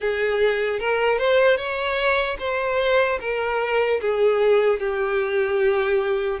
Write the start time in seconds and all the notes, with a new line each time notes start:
0.00 G#4
0.79 A#4
1.18 C5
1.56 C#5
2.39 C5
3.20 A#4
4.00 G#4
4.79 G4